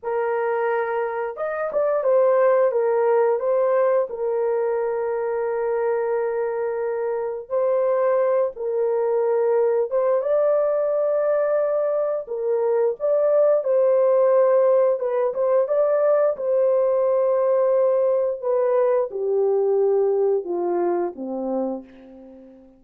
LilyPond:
\new Staff \with { instrumentName = "horn" } { \time 4/4 \tempo 4 = 88 ais'2 dis''8 d''8 c''4 | ais'4 c''4 ais'2~ | ais'2. c''4~ | c''8 ais'2 c''8 d''4~ |
d''2 ais'4 d''4 | c''2 b'8 c''8 d''4 | c''2. b'4 | g'2 f'4 c'4 | }